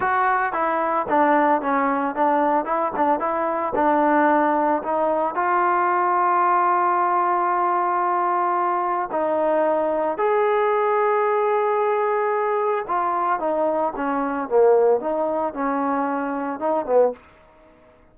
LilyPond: \new Staff \with { instrumentName = "trombone" } { \time 4/4 \tempo 4 = 112 fis'4 e'4 d'4 cis'4 | d'4 e'8 d'8 e'4 d'4~ | d'4 dis'4 f'2~ | f'1~ |
f'4 dis'2 gis'4~ | gis'1 | f'4 dis'4 cis'4 ais4 | dis'4 cis'2 dis'8 b8 | }